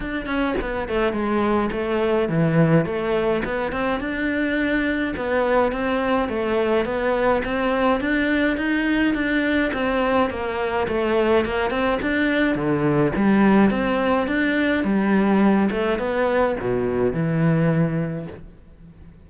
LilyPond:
\new Staff \with { instrumentName = "cello" } { \time 4/4 \tempo 4 = 105 d'8 cis'8 b8 a8 gis4 a4 | e4 a4 b8 c'8 d'4~ | d'4 b4 c'4 a4 | b4 c'4 d'4 dis'4 |
d'4 c'4 ais4 a4 | ais8 c'8 d'4 d4 g4 | c'4 d'4 g4. a8 | b4 b,4 e2 | }